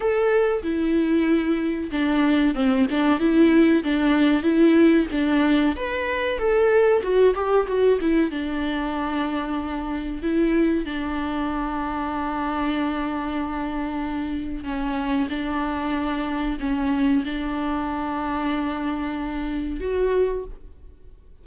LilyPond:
\new Staff \with { instrumentName = "viola" } { \time 4/4 \tempo 4 = 94 a'4 e'2 d'4 | c'8 d'8 e'4 d'4 e'4 | d'4 b'4 a'4 fis'8 g'8 | fis'8 e'8 d'2. |
e'4 d'2.~ | d'2. cis'4 | d'2 cis'4 d'4~ | d'2. fis'4 | }